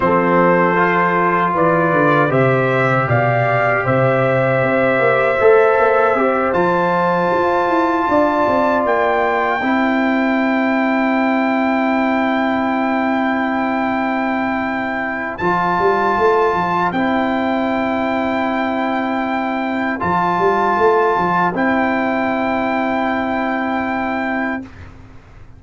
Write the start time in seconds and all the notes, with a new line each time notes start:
0.00 F3 C4 A4 C5
0.76 F4
1.53 E3 B4 D5
1.92 D3
2.29 C3 G4 C5 E5
3.08 B2 D5 F5
3.84 C3 C5 E5
4.62 C4
4.99 A#3
5.39 A3 A4
5.78 A#3
6.14 C4 G4
6.53 F3 F4 A5
7.33 F4
7.68 E4
8.08 D4 D5
8.47 C4
8.85 A#3 G5
9.62 C4 E4 C5
15.37 F3 F4 A5
15.79 G3
16.17 A3
16.53 F3
16.92 C4 E4 G5
19.99 F3 F4 A5
20.38 G3
20.77 A3
21.17 F3
21.53 C4 E4 G5